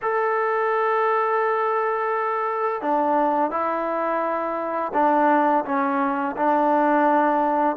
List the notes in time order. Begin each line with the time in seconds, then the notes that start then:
0.02 A4
2.81 D4
3.50 E4
4.93 D4
5.65 C#4
6.36 D4